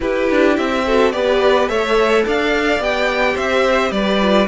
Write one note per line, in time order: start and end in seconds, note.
0.00 0.84 E4
0.00 0.30 E4
0.00 0.84 G4
0.00 0.56 B4
0.30 0.58 D4
0.56 1.13 C4
0.56 1.12 E5
0.85 1.13 F#4
0.85 1.13 A4
1.12 1.69 B3
1.12 1.68 G4
1.12 1.69 B4
1.12 1.68 D5
1.68 2.25 A3
1.68 2.80 A4
1.68 2.25 C#5
1.68 2.24 E5
2.25 2.79 D4
2.25 3.34 D5
2.25 2.83 F5
2.79 3.35 B3
2.79 4.20 G4
2.79 3.36 G5
3.34 3.91 C4
3.34 3.90 C5
3.34 3.91 E5
3.91 4.47 G3
3.91 4.48 B4
3.91 4.47 D5
4.21 4.48 F4